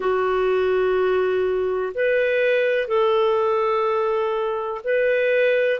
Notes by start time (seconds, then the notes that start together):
0.00 F#4
1.94 B4
2.87 A4
4.83 B4